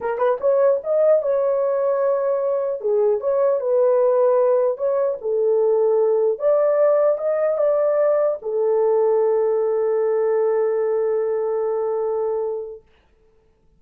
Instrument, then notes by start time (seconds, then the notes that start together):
horn
0.00 A#4
0.17 B4
0.40 C#5
0.83 D#5
1.22 C#5
2.80 G#4
3.20 C#5
3.60 B4
4.77 C#5
5.21 A4
6.38 D5
7.18 D#5
7.57 D5
8.41 A4